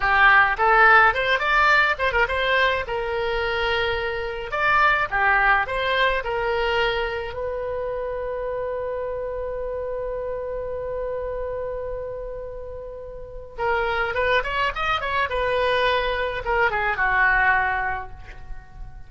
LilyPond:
\new Staff \with { instrumentName = "oboe" } { \time 4/4 \tempo 4 = 106 g'4 a'4 c''8 d''4 c''16 ais'16 | c''4 ais'2. | d''4 g'4 c''4 ais'4~ | ais'4 b'2.~ |
b'1~ | b'1 | ais'4 b'8 cis''8 dis''8 cis''8 b'4~ | b'4 ais'8 gis'8 fis'2 | }